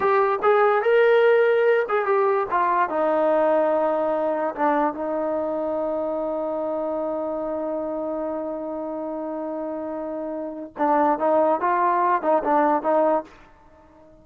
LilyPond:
\new Staff \with { instrumentName = "trombone" } { \time 4/4 \tempo 4 = 145 g'4 gis'4 ais'2~ | ais'8 gis'8 g'4 f'4 dis'4~ | dis'2. d'4 | dis'1~ |
dis'1~ | dis'1~ | dis'2 d'4 dis'4 | f'4. dis'8 d'4 dis'4 | }